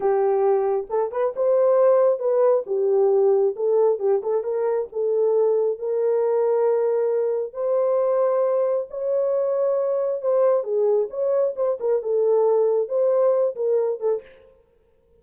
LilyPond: \new Staff \with { instrumentName = "horn" } { \time 4/4 \tempo 4 = 135 g'2 a'8 b'8 c''4~ | c''4 b'4 g'2 | a'4 g'8 a'8 ais'4 a'4~ | a'4 ais'2.~ |
ais'4 c''2. | cis''2. c''4 | gis'4 cis''4 c''8 ais'8 a'4~ | a'4 c''4. ais'4 a'8 | }